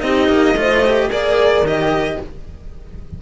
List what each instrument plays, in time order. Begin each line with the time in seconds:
0.00 cello C4 D#4, horn G4, violin D#5
0.29 cello A#3
0.56 cello A3 F4, horn C5
0.85 cello G4
1.10 cello A#3 G#4, horn A#4, violin D5
1.62 cello D#3 G4, violin D#5